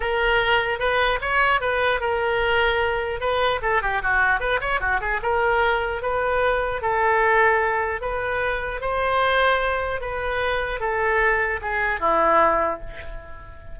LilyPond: \new Staff \with { instrumentName = "oboe" } { \time 4/4 \tempo 4 = 150 ais'2 b'4 cis''4 | b'4 ais'2. | b'4 a'8 g'8 fis'4 b'8 cis''8 | fis'8 gis'8 ais'2 b'4~ |
b'4 a'2. | b'2 c''2~ | c''4 b'2 a'4~ | a'4 gis'4 e'2 | }